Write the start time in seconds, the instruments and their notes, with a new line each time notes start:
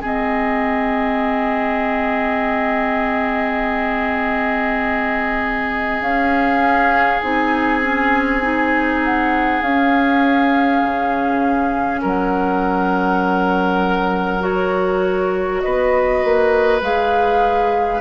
0.00 bassoon G#3, clarinet C4, oboe G#4, flute D#5
6.00 bassoon C#4, clarinet C#4, flute F5
7.20 bassoon C4, clarinet D#4, flute G#5
7.82 clarinet C#4
8.42 clarinet D#4
9.04 flute F#5
9.61 bassoon C#4, clarinet C#4, flute F5
10.83 bassoon C#3
12.01 bassoon F#3, oboe A#4, flute F#5
14.40 clarinet F#4, flute C#5
15.61 bassoon B3, oboe B4, flute D#5
16.24 bassoon A#3
16.81 bassoon G#3, clarinet G#4, flute F5